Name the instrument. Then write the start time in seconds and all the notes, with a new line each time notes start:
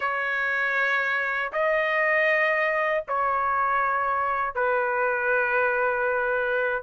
trumpet
0.00 C#5
1.52 D#5
3.08 C#5
4.55 B4